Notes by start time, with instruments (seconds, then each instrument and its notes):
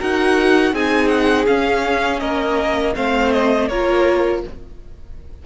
0.00 cello D#4, viola F#4, violin A#4 F#5
0.73 cello C4, viola D#4, violin G#4 G#5
1.08 violin F#5
1.47 viola C#4, cello C#4, violin F5
2.20 cello A#3, violin A#4 D#5
2.96 cello A3, viola C4, violin C5 F5
3.33 violin D#5
3.68 cello A#3, viola F4, violin A#4 C#5